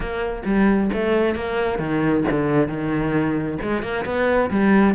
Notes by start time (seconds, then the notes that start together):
0.00 A#3
0.45 G3
0.93 A3
1.35 A#3
1.79 D#3
2.30 D3
2.68 D#3
3.62 G#3
3.82 A#3
4.05 B3
4.50 G3